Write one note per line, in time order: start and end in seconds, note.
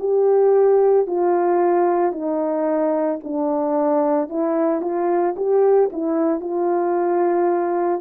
0.00 1.07 G4
1.07 2.12 F4
2.12 3.19 D#4
3.24 4.30 D4
4.30 4.82 E4
4.82 5.35 F4
5.37 5.90 G4
5.93 6.40 E4
6.40 8.01 F4